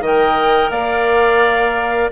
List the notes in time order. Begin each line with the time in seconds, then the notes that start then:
0.00 D#3 A#4 D#5 G5
0.70 A#3 D5 F5